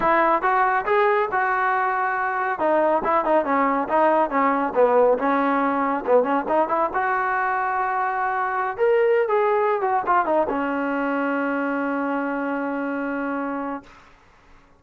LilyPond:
\new Staff \with { instrumentName = "trombone" } { \time 4/4 \tempo 4 = 139 e'4 fis'4 gis'4 fis'4~ | fis'2 dis'4 e'8 dis'8 | cis'4 dis'4 cis'4 b4 | cis'2 b8 cis'8 dis'8 e'8 |
fis'1~ | fis'16 ais'4~ ais'16 gis'4~ gis'16 fis'8 f'8 dis'16~ | dis'16 cis'2.~ cis'8.~ | cis'1 | }